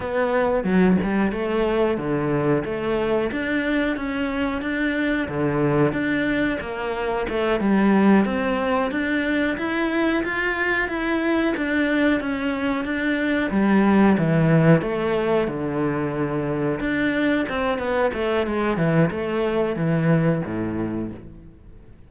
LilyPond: \new Staff \with { instrumentName = "cello" } { \time 4/4 \tempo 4 = 91 b4 fis8 g8 a4 d4 | a4 d'4 cis'4 d'4 | d4 d'4 ais4 a8 g8~ | g8 c'4 d'4 e'4 f'8~ |
f'8 e'4 d'4 cis'4 d'8~ | d'8 g4 e4 a4 d8~ | d4. d'4 c'8 b8 a8 | gis8 e8 a4 e4 a,4 | }